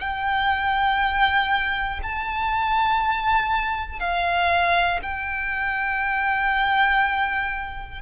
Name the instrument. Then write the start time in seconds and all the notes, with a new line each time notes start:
violin
0.00 G5
2.03 A5
4.00 F5
5.02 G5